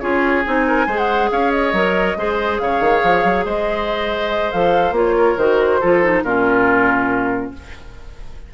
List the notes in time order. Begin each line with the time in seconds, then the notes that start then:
0.00 C#4 F4 G#4 C#5
0.45 C4 D#4 G#5
0.67 A#4
0.87 G#3 G#4 C5
0.98 F#5
1.31 C#4 C#5 F5
1.51 D#5
1.73 F#3 A#4
2.17 G#3 G#4 C5
2.59 C#3 C#5 F5
2.80 D#3
3.03 F3
3.24 F#3
3.45 G#3 C5 D#5
4.52 F3 A4 F5
4.91 A#3 F4 C#5
5.17 A#4
5.37 D#3 F#4 C5
5.80 F3 F4 A4
6.03 D#4
6.23 A#2 C#4 F4 A#4